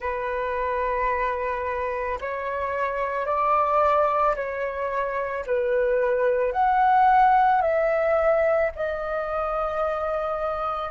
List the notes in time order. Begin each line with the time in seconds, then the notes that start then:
0.00 B4
2.20 C#5
3.26 D5
4.35 C#5
5.46 B4
6.52 F#5
7.61 E5
8.75 D#5